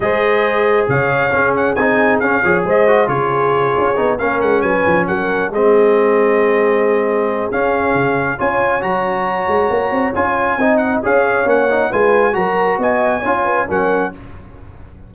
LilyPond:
<<
  \new Staff \with { instrumentName = "trumpet" } { \time 4/4 \tempo 4 = 136 dis''2 f''4. fis''8 | gis''4 f''4 dis''4 cis''4~ | cis''4. f''8 fis''8 gis''4 fis''8~ | fis''8 dis''2.~ dis''8~ |
dis''4 f''2 gis''4 | ais''2. gis''4~ | gis''8 fis''8 f''4 fis''4 gis''4 | ais''4 gis''2 fis''4 | }
  \new Staff \with { instrumentName = "horn" } { \time 4/4 c''2 cis''4 gis'4~ | gis'4. cis''8 c''4 gis'4~ | gis'4. ais'4 b'4 ais'8~ | ais'8 gis'2.~ gis'8~ |
gis'2. cis''4~ | cis''1 | dis''4 cis''2 b'4 | ais'4 dis''4 cis''8 b'8 ais'4 | }
  \new Staff \with { instrumentName = "trombone" } { \time 4/4 gis'2. cis'4 | dis'4 cis'8 gis'4 fis'8 f'4~ | f'4 dis'8 cis'2~ cis'8~ | cis'8 c'2.~ c'8~ |
c'4 cis'2 f'4 | fis'2. f'4 | dis'4 gis'4 cis'8 dis'8 f'4 | fis'2 f'4 cis'4 | }
  \new Staff \with { instrumentName = "tuba" } { \time 4/4 gis2 cis4 cis'4 | c'4 cis'8 f8 gis4 cis4~ | cis8 cis'8 b8 ais8 gis8 fis8 f8 fis8~ | fis8 gis2.~ gis8~ |
gis4 cis'4 cis4 cis'4 | fis4. gis8 ais8 c'8 cis'4 | c'4 cis'4 ais4 gis4 | fis4 b4 cis'4 fis4 | }
>>